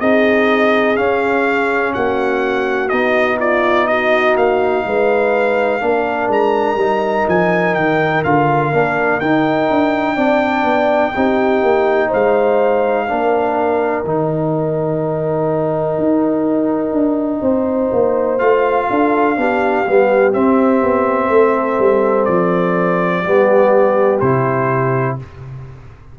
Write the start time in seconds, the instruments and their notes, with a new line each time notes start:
0.00 tuba C4, trombone D#4, horn G#4, trumpet D#5
0.96 trombone C#4, tuba C#4, trumpet F5
1.94 tuba A#3, horn F#4, trumpet F#5
2.89 tuba B3, trombone D#4, trumpet D#5
3.39 horn F4, trumpet D5
3.87 horn F#4, trumpet D#5
4.36 tuba A#3, trumpet F5
4.85 tuba G#3, horn B4
5.80 tuba A#3, trombone D4, horn A#4
6.28 tuba G#3, trumpet A#5
6.75 tuba G3, trombone D#4
7.28 tuba F3, trumpet G#5
7.74 tuba D#3, trumpet G5
8.23 tuba D3, trombone F4, trumpet F5
8.72 tuba A#3, trombone D4
9.20 tuba D#4, trombone D#4, trumpet G5
9.70 tuba D4
10.15 tuba C4, trombone D4, horn D5
10.64 tuba B3
11.15 tuba C4, trombone D#4, horn G4
11.62 tuba A#3
12.08 tuba G#3, horn C5, trumpet F5
13.08 tuba A#3, trombone D4, horn A#4
14.03 tuba D#3, trombone D#4, trumpet G5
15.98 tuba D#4
16.93 tuba D4
17.42 tuba C4, horn C5
17.92 tuba A#3
18.39 tuba A3, trombone F4, trumpet F5
18.89 tuba D4, horn A4
19.37 tuba B3, trombone D4, horn G4
19.86 tuba G3, trombone B3
20.33 trombone C4, tuba C4, trumpet E5
20.82 tuba B3
21.29 tuba A3, horn A4
21.79 tuba G3
22.25 tuba F3, trumpet D5
23.22 tuba G3, trombone B3, horn G4
24.20 tuba C3, trombone E4, trumpet C5